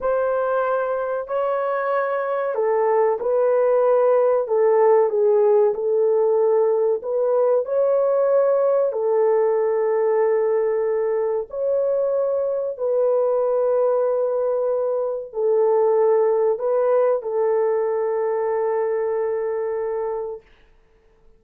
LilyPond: \new Staff \with { instrumentName = "horn" } { \time 4/4 \tempo 4 = 94 c''2 cis''2 | a'4 b'2 a'4 | gis'4 a'2 b'4 | cis''2 a'2~ |
a'2 cis''2 | b'1 | a'2 b'4 a'4~ | a'1 | }